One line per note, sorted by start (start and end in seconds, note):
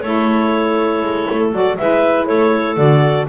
0.00 1.02 A3
0.00 1.52 E4
0.00 1.78 A4
0.00 1.50 C#5
1.02 1.27 G#3
1.30 1.52 A3
1.52 1.77 F#3
1.52 1.77 F#4
1.52 1.77 D5
1.77 2.29 G#3
1.77 2.77 E4
1.77 2.27 B4
1.77 2.26 E5
2.26 2.77 A3
2.26 3.27 A4
2.26 2.76 C#5
2.77 3.27 D3
2.77 3.27 F#4
2.77 3.27 D5